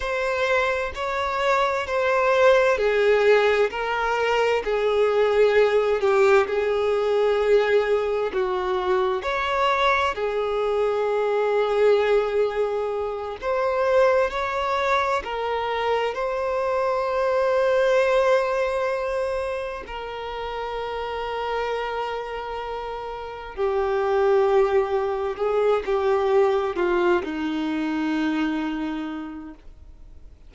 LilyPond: \new Staff \with { instrumentName = "violin" } { \time 4/4 \tempo 4 = 65 c''4 cis''4 c''4 gis'4 | ais'4 gis'4. g'8 gis'4~ | gis'4 fis'4 cis''4 gis'4~ | gis'2~ gis'8 c''4 cis''8~ |
cis''8 ais'4 c''2~ c''8~ | c''4. ais'2~ ais'8~ | ais'4. g'2 gis'8 | g'4 f'8 dis'2~ dis'8 | }